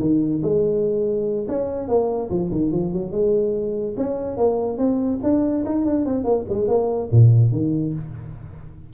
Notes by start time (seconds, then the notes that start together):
0.00 D#3
0.42 G#3
1.48 C#4
1.88 A#3
2.30 F3
2.51 D#3
2.72 F3
2.93 F#3
3.11 G#3
3.97 C#4
4.37 A#3
4.78 C4
5.23 D4
5.65 D#4
5.85 D4
6.05 C4
6.24 A#3
6.49 G#3
6.68 A#3
7.11 A#2
7.52 D#3